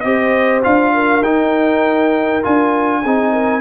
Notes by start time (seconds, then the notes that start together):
0.00 C4 G4 C5 D#5
0.63 D4 F4 F5
0.94 A#4
1.21 D#4 G5
2.42 D4 F4 G#5
3.02 C4 D#4 G#4
3.32 A#4